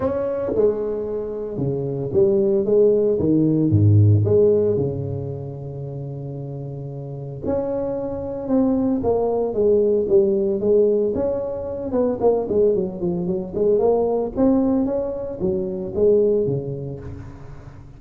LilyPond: \new Staff \with { instrumentName = "tuba" } { \time 4/4 \tempo 4 = 113 cis'4 gis2 cis4 | g4 gis4 dis4 gis,4 | gis4 cis2.~ | cis2 cis'2 |
c'4 ais4 gis4 g4 | gis4 cis'4. b8 ais8 gis8 | fis8 f8 fis8 gis8 ais4 c'4 | cis'4 fis4 gis4 cis4 | }